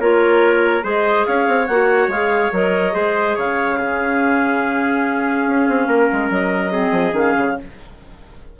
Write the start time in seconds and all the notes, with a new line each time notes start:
0.00 A#3 F4 A#4 C#5
0.82 G#3 G#4 C5 D#5
1.26 C#4 C#5 F5
1.48 C4
1.67 A#3 F#4 F#5
2.08 G#3 G#4 F5
2.52 F#3 A#4 D#5
2.92 G#3 G#4 C5
3.36 C#3 C#5 F5
3.78 C#4 G#4
5.47 C#4
5.68 C4
5.87 A#3 A#4
6.13 G#3
6.30 F#3 D#5
6.71 C4 G#4
6.91 F3
7.11 D#3 C#4
7.18 F5
7.38 C#3